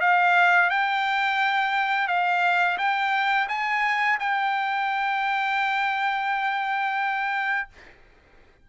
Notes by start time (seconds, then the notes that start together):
0.00 F5
0.70 G5
2.07 F5
2.78 G5
3.48 G#5
4.19 G5